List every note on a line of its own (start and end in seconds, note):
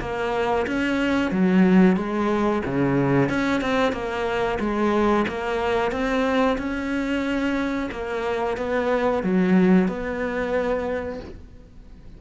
0.00 0.66 A#3
0.67 1.31 C#4
1.31 1.96 F#3
1.96 2.62 G#3
2.65 3.29 C#3
3.29 3.61 C#4
3.61 3.92 C4
3.92 4.58 A#3
4.59 5.25 G#3
5.28 5.91 A#3
5.91 6.57 C4
6.58 7.89 C#4
7.91 8.57 A#3
8.57 9.23 B3
9.23 9.88 F#3
9.88 11.20 B3